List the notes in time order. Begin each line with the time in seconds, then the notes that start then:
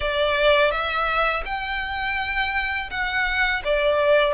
0.00 D5
0.71 E5
1.45 G5
2.90 F#5
3.64 D5